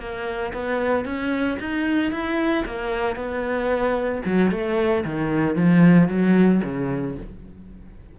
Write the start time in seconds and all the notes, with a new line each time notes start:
0.00 A#3
0.54 B3
1.05 C#4
1.60 D#4
2.12 E4
2.66 A#3
3.16 B3
4.26 F#3
4.52 A3
5.05 D#3
5.56 F3
6.09 F#3
6.64 C#3